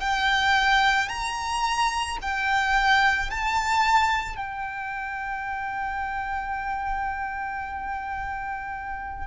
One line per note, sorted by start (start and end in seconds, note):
0.00 1.09 G5
1.09 2.18 A#5
2.22 3.30 G5
3.30 4.36 A5
4.36 9.27 G5